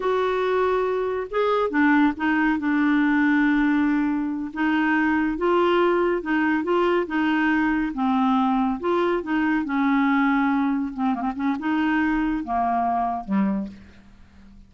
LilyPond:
\new Staff \with { instrumentName = "clarinet" } { \time 4/4 \tempo 4 = 140 fis'2. gis'4 | d'4 dis'4 d'2~ | d'2~ d'8 dis'4.~ | dis'8 f'2 dis'4 f'8~ |
f'8 dis'2 c'4.~ | c'8 f'4 dis'4 cis'4.~ | cis'4. c'8 ais16 c'16 cis'8 dis'4~ | dis'4 ais2 g4 | }